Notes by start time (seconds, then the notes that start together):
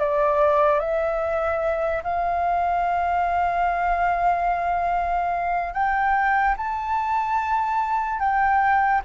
0.00 D5
0.80 E5
2.04 F5
5.74 G5
6.58 A5
8.20 G5